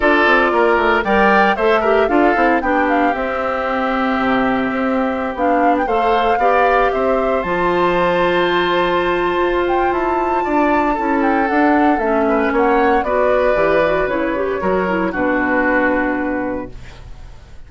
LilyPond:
<<
  \new Staff \with { instrumentName = "flute" } { \time 4/4 \tempo 4 = 115 d''2 g''4 e''4 | f''4 g''8 f''8 e''2~ | e''2~ e''16 f''8. g''16 f''8.~ | f''4~ f''16 e''4 a''4.~ a''16~ |
a''2~ a''8 g''8 a''4~ | a''4. g''8 fis''4 e''4 | fis''4 d''2 cis''4~ | cis''4 b'2. | }
  \new Staff \with { instrumentName = "oboe" } { \time 4/4 a'4 ais'4 d''4 c''8 ais'8 | a'4 g'2.~ | g'2.~ g'16 c''8.~ | c''16 d''4 c''2~ c''8.~ |
c''1 | d''4 a'2~ a'8 b'8 | cis''4 b'2. | ais'4 fis'2. | }
  \new Staff \with { instrumentName = "clarinet" } { \time 4/4 f'2 ais'4 a'8 g'8 | f'8 e'8 d'4 c'2~ | c'2~ c'16 d'4 a'8.~ | a'16 g'2 f'4.~ f'16~ |
f'1~ | f'4 e'4 d'4 cis'4~ | cis'4 fis'4 g'8 fis'8 e'8 g'8 | fis'8 e'8 d'2. | }
  \new Staff \with { instrumentName = "bassoon" } { \time 4/4 d'8 c'8 ais8 a8 g4 a4 | d'8 c'8 b4 c'2 | c4 c'4~ c'16 b4 a8.~ | a16 b4 c'4 f4.~ f16~ |
f2 f'4 e'4 | d'4 cis'4 d'4 a4 | ais4 b4 e4 cis4 | fis4 b,2. | }
>>